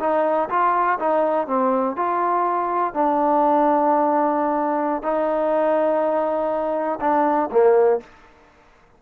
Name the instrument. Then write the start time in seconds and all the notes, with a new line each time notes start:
trombone
0.00 D#4
0.49 F4
0.99 D#4
1.47 C4
1.96 F4
2.94 D4
5.03 D#4
7.01 D4
7.51 A#3